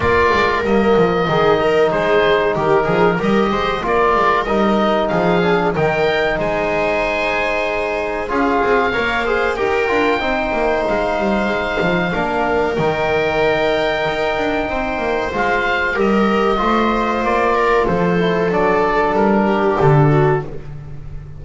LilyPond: <<
  \new Staff \with { instrumentName = "oboe" } { \time 4/4 \tempo 4 = 94 d''4 dis''2 c''4 | ais'4 dis''4 d''4 dis''4 | f''4 g''4 gis''2~ | gis''4 f''2 g''4~ |
g''4 f''2. | g''1 | f''4 dis''2 d''4 | c''4 d''4 ais'4 a'4 | }
  \new Staff \with { instrumentName = "viola" } { \time 4/4 ais'2 gis'8 ais'8 gis'4 | g'8 gis'8 ais'8 c''8 ais'2 | gis'4 ais'4 c''2~ | c''4 gis'4 cis''8 c''8 ais'4 |
c''2. ais'4~ | ais'2. c''4~ | c''4 ais'4 c''4. ais'8 | a'2~ a'8 g'4 fis'8 | }
  \new Staff \with { instrumentName = "trombone" } { \time 4/4 f'4 ais4 dis'2~ | dis'4 g'4 f'4 dis'4~ | dis'8 d'8 dis'2.~ | dis'4 f'4 ais'8 gis'8 g'8 f'8 |
dis'2. d'4 | dis'1 | f'4 g'4 f'2~ | f'8 e'8 d'2. | }
  \new Staff \with { instrumentName = "double bass" } { \time 4/4 ais8 gis8 g8 f8 dis4 gis4 | dis8 f8 g8 gis8 ais8 gis8 g4 | f4 dis4 gis2~ | gis4 cis'8 c'8 ais4 dis'8 d'8 |
c'8 ais8 gis8 g8 gis8 f8 ais4 | dis2 dis'8 d'8 c'8 ais8 | gis4 g4 a4 ais4 | f4 fis4 g4 d4 | }
>>